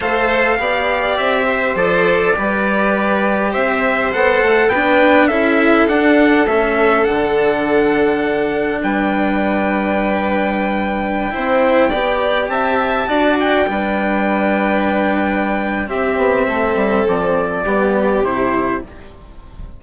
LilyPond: <<
  \new Staff \with { instrumentName = "trumpet" } { \time 4/4 \tempo 4 = 102 f''2 e''4 d''4~ | d''2 e''4 fis''4 | g''4 e''4 fis''4 e''4 | fis''2. g''4~ |
g''1~ | g''4~ g''16 a''4. g''4~ g''16~ | g''2. e''4~ | e''4 d''2 c''4 | }
  \new Staff \with { instrumentName = "violin" } { \time 4/4 c''4 d''4. c''4. | b'2 c''2 | b'4 a'2.~ | a'2. b'4~ |
b'2.~ b'16 c''8.~ | c''16 d''4 e''4 d''4 b'8.~ | b'2. g'4 | a'2 g'2 | }
  \new Staff \with { instrumentName = "cello" } { \time 4/4 a'4 g'2 a'4 | g'2. a'4 | d'4 e'4 d'4 cis'4 | d'1~ |
d'2.~ d'16 e'8.~ | e'16 g'2 fis'4 d'8.~ | d'2. c'4~ | c'2 b4 e'4 | }
  \new Staff \with { instrumentName = "bassoon" } { \time 4/4 a4 b4 c'4 f4 | g2 c'4 b8 a8 | b4 cis'4 d'4 a4 | d2. g4~ |
g2.~ g16 c'8.~ | c'16 b4 c'4 d'4 g8.~ | g2. c'8 b8 | a8 g8 f4 g4 c4 | }
>>